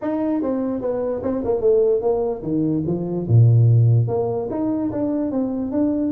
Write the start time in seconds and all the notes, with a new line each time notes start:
0.01 D#4
0.42 C4
0.81 B3
1.22 C4
1.44 A#3
1.60 A3
2.01 A#3
2.42 D#3
2.86 F3
3.28 A#2
4.07 A#3
4.50 D#4
4.91 D4
5.31 C4
5.71 D4